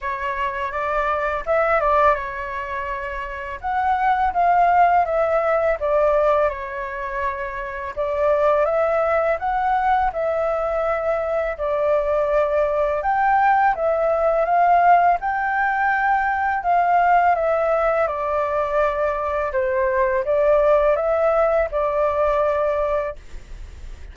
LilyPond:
\new Staff \with { instrumentName = "flute" } { \time 4/4 \tempo 4 = 83 cis''4 d''4 e''8 d''8 cis''4~ | cis''4 fis''4 f''4 e''4 | d''4 cis''2 d''4 | e''4 fis''4 e''2 |
d''2 g''4 e''4 | f''4 g''2 f''4 | e''4 d''2 c''4 | d''4 e''4 d''2 | }